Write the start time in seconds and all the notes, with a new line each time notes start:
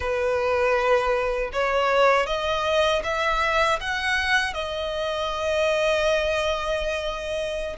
0.00 B4
1.52 C#5
2.26 D#5
3.03 E5
3.80 F#5
4.53 D#5